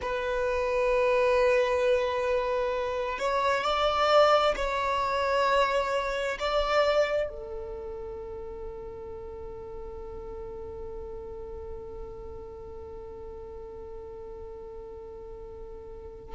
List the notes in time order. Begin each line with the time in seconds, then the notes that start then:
0.01 B4
3.18 C#5
3.64 D5
4.56 C#5
6.39 D5
7.29 A4